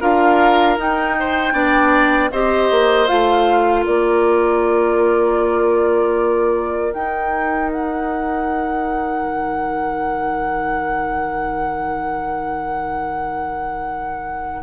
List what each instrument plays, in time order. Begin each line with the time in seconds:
0.00 bassoon D4, clarinet F4, oboe A#4, flute F5
0.77 clarinet D#4, bassoon D#4, flute G5
1.19 oboe C5
1.53 bassoon B3, clarinet D4, oboe D5
2.32 bassoon C4, clarinet G4, oboe C5, flute D#5
2.70 bassoon A#3
3.07 bassoon A3, clarinet F4, flute F5
3.82 bassoon A#3, oboe A#4, flute D5
6.92 clarinet D#4, bassoon D#4, flute G5
7.72 flute F#5
9.24 bassoon D#3